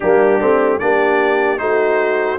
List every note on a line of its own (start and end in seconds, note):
0.00 0.41 G3
0.00 0.40 A#3
0.00 0.80 D4
0.00 0.79 G4
0.40 0.81 A3
0.40 0.80 C4
0.79 1.60 A#3
0.79 1.58 D4
0.79 1.60 G4
0.79 1.58 D5
1.58 2.39 A3
1.58 2.38 D#4
1.58 2.39 F#4
1.58 2.38 C5